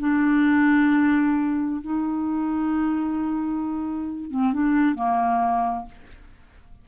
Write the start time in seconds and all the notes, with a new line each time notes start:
0.00 D4
1.82 D#4
4.31 C4
4.53 D4
4.95 A#3